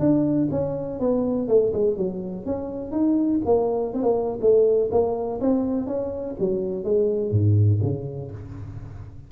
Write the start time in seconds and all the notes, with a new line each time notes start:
0.00 D4
0.51 C#4
1.00 B3
1.48 A3
1.73 G#3
1.97 F#3
2.46 C#4
2.92 D#4
3.45 A#3
3.94 C4
4.03 A#3
4.41 A3
4.92 A#3
5.41 C4
5.87 C#4
6.40 F#3
6.84 G#3
7.32 G#2
7.83 C#3